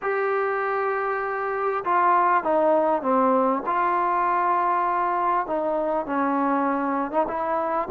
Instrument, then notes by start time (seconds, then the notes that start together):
trombone
0.02 G4
1.84 F4
2.43 D#4
3.02 C4
3.65 F4
5.47 D#4
6.06 C#4
7.11 D#4
7.27 E4